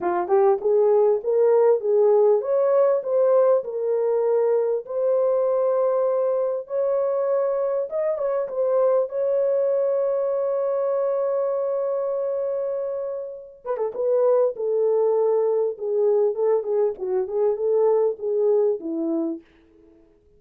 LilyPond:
\new Staff \with { instrumentName = "horn" } { \time 4/4 \tempo 4 = 99 f'8 g'8 gis'4 ais'4 gis'4 | cis''4 c''4 ais'2 | c''2. cis''4~ | cis''4 dis''8 cis''8 c''4 cis''4~ |
cis''1~ | cis''2~ cis''8 b'16 a'16 b'4 | a'2 gis'4 a'8 gis'8 | fis'8 gis'8 a'4 gis'4 e'4 | }